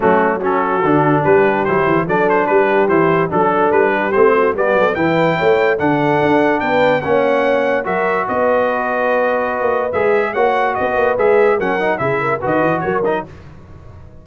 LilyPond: <<
  \new Staff \with { instrumentName = "trumpet" } { \time 4/4 \tempo 4 = 145 fis'4 a'2 b'4 | c''4 d''8 c''8 b'4 c''4 | a'4 b'4 c''4 d''4 | g''2 fis''2 |
g''4 fis''2 e''4 | dis''1 | e''4 fis''4 dis''4 e''4 | fis''4 e''4 dis''4 cis''8 dis''8 | }
  \new Staff \with { instrumentName = "horn" } { \time 4/4 cis'4 fis'2 g'4~ | g'4 a'4 g'2 | a'4. g'4 fis'8 g'8 a'8 | b'4 cis''4 a'2 |
b'4 cis''2 ais'4 | b'1~ | b'4 cis''4 b'2 | ais'4 gis'8 ais'8 b'4 ais'4 | }
  \new Staff \with { instrumentName = "trombone" } { \time 4/4 a4 cis'4 d'2 | e'4 d'2 e'4 | d'2 c'4 b4 | e'2 d'2~ |
d'4 cis'2 fis'4~ | fis'1 | gis'4 fis'2 gis'4 | cis'8 dis'8 e'4 fis'4. dis'8 | }
  \new Staff \with { instrumentName = "tuba" } { \time 4/4 fis2 d4 g4 | fis8 e8 fis4 g4 e4 | fis4 g4 a4 g8 fis8 | e4 a4 d4 d'4 |
b4 ais2 fis4 | b2.~ b16 ais8. | gis4 ais4 b8 ais8 gis4 | fis4 cis4 dis8 e8 fis4 | }
>>